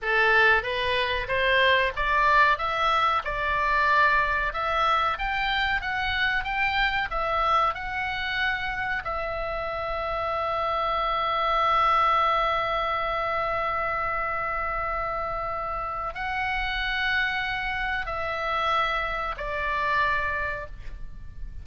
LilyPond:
\new Staff \with { instrumentName = "oboe" } { \time 4/4 \tempo 4 = 93 a'4 b'4 c''4 d''4 | e''4 d''2 e''4 | g''4 fis''4 g''4 e''4 | fis''2 e''2~ |
e''1~ | e''1~ | e''4 fis''2. | e''2 d''2 | }